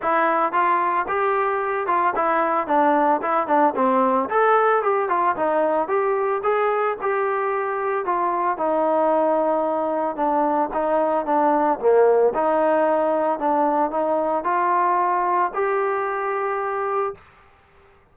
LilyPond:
\new Staff \with { instrumentName = "trombone" } { \time 4/4 \tempo 4 = 112 e'4 f'4 g'4. f'8 | e'4 d'4 e'8 d'8 c'4 | a'4 g'8 f'8 dis'4 g'4 | gis'4 g'2 f'4 |
dis'2. d'4 | dis'4 d'4 ais4 dis'4~ | dis'4 d'4 dis'4 f'4~ | f'4 g'2. | }